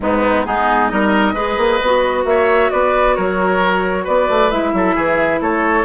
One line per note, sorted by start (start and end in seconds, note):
0.00 0.45 G#2
0.00 0.46 G#3
0.00 0.46 B3
0.00 0.45 D#4
0.45 0.91 G#3
0.45 0.89 B3
0.45 0.91 D#4
0.45 0.88 G#4
0.88 1.33 G3
0.88 1.34 D#4
0.88 1.33 A#4
0.88 2.24 D#5
1.33 1.56 G#3
1.33 1.80 G#4
1.33 2.24 B4
1.57 1.79 A#3
1.81 2.24 B3
1.81 4.50 F#4
2.24 2.69 A#3
2.24 2.72 C#5
2.24 2.70 E5
2.70 3.17 B3
2.70 3.16 B4
2.70 3.15 D5
3.15 4.07 F#3
3.15 4.04 A#4
3.15 4.05 C#5
4.04 4.29 B3
4.04 4.71 B4
4.04 4.50 D5
4.29 4.51 A3
4.50 4.73 G#3
4.50 5.85 E4
4.50 5.40 E5
4.73 4.95 F#3
4.73 4.95 A4
4.95 5.40 E3
4.95 5.40 G#4
5.40 5.85 A3
5.40 5.85 A4
5.40 5.85 C#5